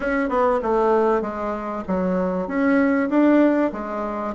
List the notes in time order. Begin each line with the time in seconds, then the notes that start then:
0.00 C#4
0.29 B3
0.62 A3
1.21 G#3
1.87 F#3
2.47 C#4
3.09 D4
3.72 G#3